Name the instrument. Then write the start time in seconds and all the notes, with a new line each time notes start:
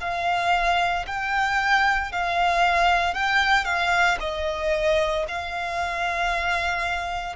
violin
0.00 F5
1.07 G5
2.12 F5
3.14 G5
3.65 F5
4.20 D#5
5.28 F5